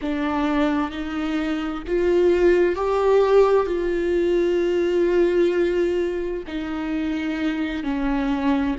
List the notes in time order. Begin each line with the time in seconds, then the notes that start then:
0.01 D4
0.91 D#4
1.87 F4
2.75 G4
3.66 F4
6.47 D#4
7.83 C#4